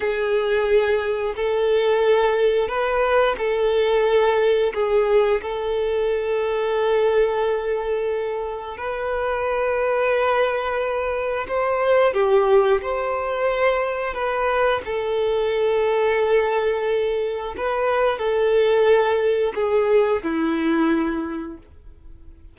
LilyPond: \new Staff \with { instrumentName = "violin" } { \time 4/4 \tempo 4 = 89 gis'2 a'2 | b'4 a'2 gis'4 | a'1~ | a'4 b'2.~ |
b'4 c''4 g'4 c''4~ | c''4 b'4 a'2~ | a'2 b'4 a'4~ | a'4 gis'4 e'2 | }